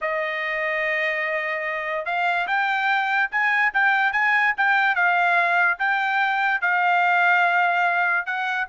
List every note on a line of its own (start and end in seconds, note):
0.01 2.05 D#5
2.05 2.46 F5
2.47 3.30 G5
3.31 3.72 G#5
3.73 4.12 G5
4.12 4.53 G#5
4.57 4.95 G5
4.95 5.77 F5
5.79 6.61 G5
6.61 8.26 F5
8.26 8.67 F#5